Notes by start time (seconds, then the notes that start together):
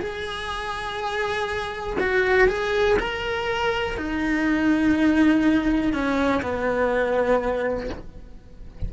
0.00 G#4
2.00 F#4
2.48 G#4
3.00 A#4
3.97 D#4
5.93 C#4
6.42 B3